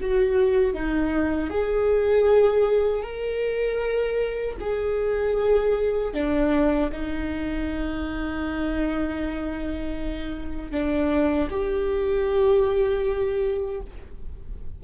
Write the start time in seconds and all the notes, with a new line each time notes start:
0.00 F#4
0.73 D#4
1.50 G#4
3.02 A#4
4.60 G#4
6.14 D4
6.92 D#4
10.71 D4
11.50 G4